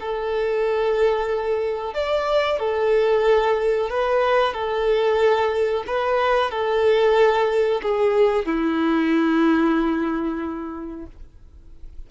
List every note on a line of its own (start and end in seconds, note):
0.00 1.94 A4
1.94 2.59 D5
2.59 3.90 A4
3.90 4.53 B4
4.53 5.84 A4
5.87 6.51 B4
6.51 7.81 A4
7.82 8.45 G#4
8.45 11.06 E4